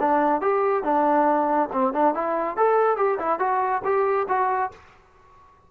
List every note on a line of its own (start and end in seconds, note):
0.00 0.41 D4
0.41 0.84 G4
0.84 1.69 D4
1.73 1.94 C4
1.94 2.14 D4
2.14 2.57 E4
2.57 2.97 A4
2.97 3.19 G4
3.19 3.40 E4
3.40 3.82 F#4
3.84 4.27 G4
4.28 4.71 F#4